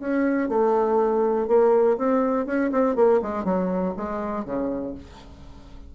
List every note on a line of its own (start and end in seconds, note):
0.00 0.49 C#4
0.49 1.48 A3
1.48 1.98 A#3
1.98 2.47 C4
2.47 2.71 C#4
2.72 2.96 C4
2.96 3.21 A#3
3.23 3.45 G#3
3.45 3.94 F#3
3.97 4.45 G#3
4.45 4.95 C#3